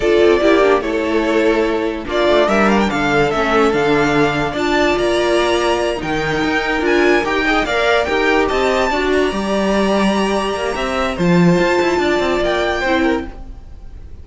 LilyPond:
<<
  \new Staff \with { instrumentName = "violin" } { \time 4/4 \tempo 4 = 145 d''2 cis''2~ | cis''4 d''4 e''8 f''16 g''16 f''4 | e''4 f''2 a''4 | ais''2~ ais''8 g''4.~ |
g''8 gis''4 g''4 f''4 g''8~ | g''8 a''4. ais''2~ | ais''2. a''4~ | a''2 g''2 | }
  \new Staff \with { instrumentName = "violin" } { \time 4/4 a'4 g'4 a'2~ | a'4 f'4 ais'4 a'4~ | a'2. d''4~ | d''2~ d''8 ais'4.~ |
ais'2 dis''8 d''4 ais'8~ | ais'8 dis''4 d''2~ d''8~ | d''2 e''4 c''4~ | c''4 d''2 c''8 ais'8 | }
  \new Staff \with { instrumentName = "viola" } { \time 4/4 f'4 e'8 d'8 e'2~ | e'4 d'2. | cis'4 d'2 f'4~ | f'2~ f'8 dis'4.~ |
dis'8 f'4 g'8 gis'8 ais'4 g'8~ | g'4. fis'4 g'4.~ | g'2. f'4~ | f'2. e'4 | }
  \new Staff \with { instrumentName = "cello" } { \time 4/4 d'8 c'8 ais4 a2~ | a4 ais8 a8 g4 d4 | a4 d2 d'4 | ais2~ ais8 dis4 dis'8~ |
dis'8 d'4 dis'4 ais4 dis'8~ | dis'8 c'4 d'4 g4.~ | g4. ais8 c'4 f4 | f'8 e'8 d'8 c'8 ais4 c'4 | }
>>